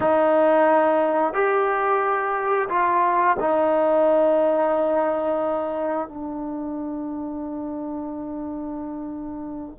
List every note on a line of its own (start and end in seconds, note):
0.00 1.33 D#4
1.33 2.68 G4
2.69 3.36 F4
3.39 6.08 D#4
6.08 9.78 D4